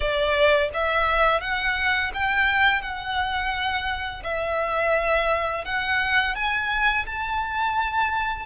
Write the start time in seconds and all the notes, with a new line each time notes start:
0.00 D5
0.73 E5
1.41 F#5
2.14 G5
2.81 F#5
4.23 E5
5.65 F#5
6.35 G#5
7.06 A5